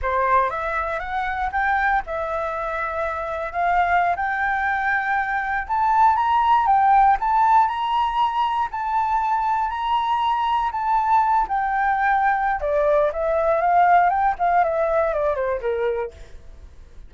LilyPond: \new Staff \with { instrumentName = "flute" } { \time 4/4 \tempo 4 = 119 c''4 e''4 fis''4 g''4 | e''2. f''4~ | f''16 g''2. a''8.~ | a''16 ais''4 g''4 a''4 ais''8.~ |
ais''4~ ais''16 a''2 ais''8.~ | ais''4~ ais''16 a''4. g''4~ g''16~ | g''4 d''4 e''4 f''4 | g''8 f''8 e''4 d''8 c''8 ais'4 | }